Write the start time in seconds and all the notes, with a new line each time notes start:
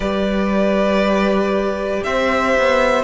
0.00 G3 G4 B4 D5
2.03 C4 C5 E5
2.57 B3